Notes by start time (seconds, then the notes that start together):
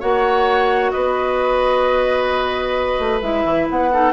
0.00 A#3 F#4 C#5 F#5
0.91 B3 B4 D#5
2.99 A3
3.21 G#3 E4 E5
3.45 E3
3.70 B3 F#5
3.92 D#4 A4